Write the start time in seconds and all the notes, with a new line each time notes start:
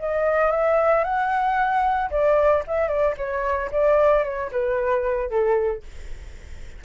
0.00 D#5
0.51 E5
1.04 F#5
2.11 D5
2.67 E5
2.88 D5
3.18 C#5
3.72 D5
4.25 C#5
4.52 B4
5.30 A4